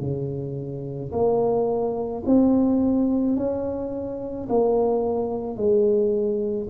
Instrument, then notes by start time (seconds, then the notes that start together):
tuba
0.00 C#3
1.12 A#3
2.26 C4
3.37 C#4
4.49 A#3
5.57 G#3